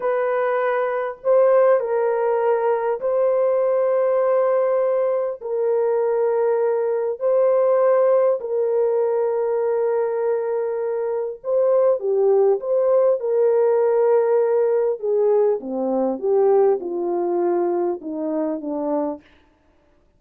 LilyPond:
\new Staff \with { instrumentName = "horn" } { \time 4/4 \tempo 4 = 100 b'2 c''4 ais'4~ | ais'4 c''2.~ | c''4 ais'2. | c''2 ais'2~ |
ais'2. c''4 | g'4 c''4 ais'2~ | ais'4 gis'4 c'4 g'4 | f'2 dis'4 d'4 | }